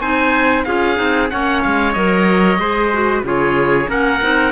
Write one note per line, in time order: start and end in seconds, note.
0.00 0.65 C4
0.00 0.66 D#4
0.00 0.65 C5
0.00 0.64 G#5
0.64 0.99 C#4
0.64 0.95 F4
0.64 1.31 G#4
0.64 1.28 F5
0.95 1.31 C4
0.95 1.27 D#4
1.30 1.65 A#3
1.30 1.95 C#4
1.30 2.59 C#5
1.30 1.62 F#5
1.62 1.95 G#3
1.62 1.92 F5
1.92 2.58 F#3
1.92 2.59 A#4
1.92 3.22 D#5
2.58 3.22 G#3
2.58 2.91 G#4
2.58 3.24 C5
2.92 3.24 F#4
3.23 3.87 C#3
3.23 3.86 F4
3.23 3.89 G#4
3.23 3.90 C#5
3.86 4.21 A#3
3.86 4.19 C#4
3.86 4.52 A#4
3.86 4.52 F#5
4.21 4.52 C4
4.21 4.52 D#4